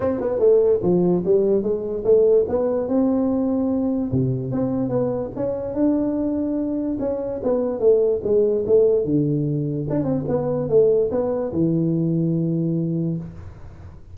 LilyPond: \new Staff \with { instrumentName = "tuba" } { \time 4/4 \tempo 4 = 146 c'8 b8 a4 f4 g4 | gis4 a4 b4 c'4~ | c'2 c4 c'4 | b4 cis'4 d'2~ |
d'4 cis'4 b4 a4 | gis4 a4 d2 | d'8 c'8 b4 a4 b4 | e1 | }